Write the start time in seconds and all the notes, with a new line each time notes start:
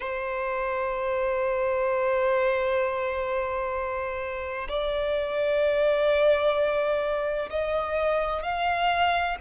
0.00 C5
4.68 D5
7.50 D#5
8.42 F5